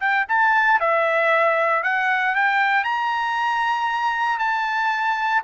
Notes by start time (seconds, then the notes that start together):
0.00 G5
0.28 A5
0.80 E5
1.83 F#5
2.35 G5
2.84 A#5
4.39 A5